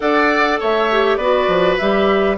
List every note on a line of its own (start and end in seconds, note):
0.00 0.60 D4
0.00 0.89 A4
0.00 0.59 D5
0.00 0.59 F#5
0.59 1.17 A3
0.59 1.17 C#5
0.59 1.16 E5
0.91 1.20 G4
1.16 1.47 B3
1.16 1.80 F#4
1.16 2.36 B4
1.16 1.75 D5
1.47 1.77 F3
1.77 2.37 G3
1.77 2.37 G4
1.77 2.37 E5